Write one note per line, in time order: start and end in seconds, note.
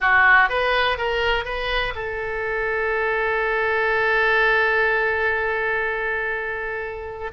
0.00 0.49 F#4
0.49 0.97 B4
0.97 1.44 A#4
1.44 1.93 B4
1.95 7.31 A4